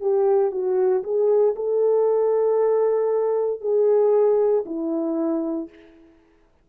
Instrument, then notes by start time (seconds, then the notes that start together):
horn
0.00 G4
0.51 F#4
1.03 G#4
1.55 A4
3.61 G#4
4.66 E4